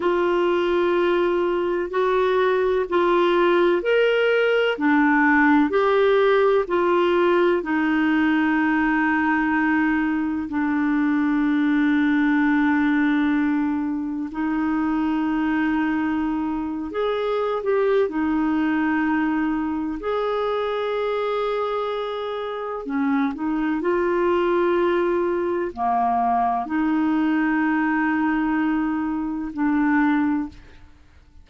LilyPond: \new Staff \with { instrumentName = "clarinet" } { \time 4/4 \tempo 4 = 63 f'2 fis'4 f'4 | ais'4 d'4 g'4 f'4 | dis'2. d'4~ | d'2. dis'4~ |
dis'4.~ dis'16 gis'8. g'8 dis'4~ | dis'4 gis'2. | cis'8 dis'8 f'2 ais4 | dis'2. d'4 | }